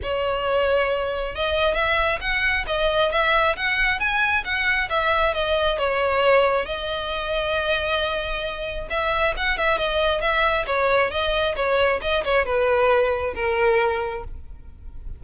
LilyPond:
\new Staff \with { instrumentName = "violin" } { \time 4/4 \tempo 4 = 135 cis''2. dis''4 | e''4 fis''4 dis''4 e''4 | fis''4 gis''4 fis''4 e''4 | dis''4 cis''2 dis''4~ |
dis''1 | e''4 fis''8 e''8 dis''4 e''4 | cis''4 dis''4 cis''4 dis''8 cis''8 | b'2 ais'2 | }